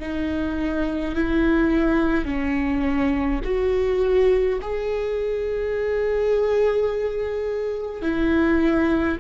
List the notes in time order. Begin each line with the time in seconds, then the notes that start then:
0.00 D#4
1.15 E4
2.26 C#4
3.45 F#4
4.62 G#4
8.02 E4